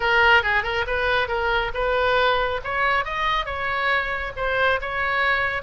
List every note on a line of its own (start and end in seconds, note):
0.00 0.42 A#4
0.42 0.63 G#4
0.63 0.85 A#4
0.86 1.27 B4
1.27 1.71 A#4
1.74 2.60 B4
2.64 3.04 C#5
3.04 3.45 D#5
3.45 4.32 C#5
4.36 4.80 C5
4.81 5.62 C#5